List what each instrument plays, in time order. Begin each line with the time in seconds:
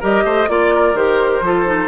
0.00 bassoon G3, clarinet G4, oboe A#4, flute D#5
0.24 bassoon A3, oboe C5
0.48 bassoon A#3, clarinet F4, flute D5, oboe D5
0.74 oboe A#4
0.94 bassoon D#3, clarinet G4, flute C5
1.41 bassoon F3, clarinet F4, oboe A4
1.65 clarinet D#4